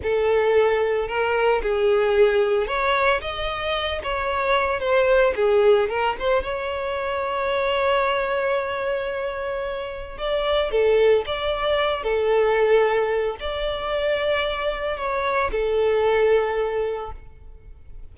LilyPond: \new Staff \with { instrumentName = "violin" } { \time 4/4 \tempo 4 = 112 a'2 ais'4 gis'4~ | gis'4 cis''4 dis''4. cis''8~ | cis''4 c''4 gis'4 ais'8 c''8 | cis''1~ |
cis''2. d''4 | a'4 d''4. a'4.~ | a'4 d''2. | cis''4 a'2. | }